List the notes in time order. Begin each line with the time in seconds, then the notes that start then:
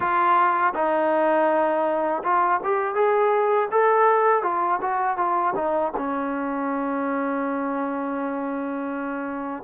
0.00 F4
0.74 D#4
2.23 F4
2.63 G4
2.95 G#4
3.71 A4
4.42 F4
4.81 F#4
5.17 F4
5.55 D#4
5.97 C#4